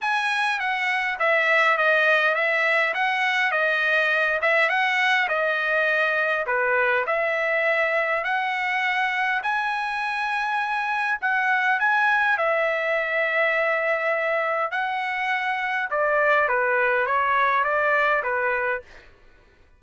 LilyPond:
\new Staff \with { instrumentName = "trumpet" } { \time 4/4 \tempo 4 = 102 gis''4 fis''4 e''4 dis''4 | e''4 fis''4 dis''4. e''8 | fis''4 dis''2 b'4 | e''2 fis''2 |
gis''2. fis''4 | gis''4 e''2.~ | e''4 fis''2 d''4 | b'4 cis''4 d''4 b'4 | }